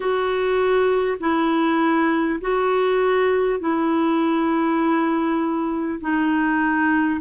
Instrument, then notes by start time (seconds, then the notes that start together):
clarinet
0.00 F#4
1.20 E4
2.41 F#4
3.60 E4
6.00 D#4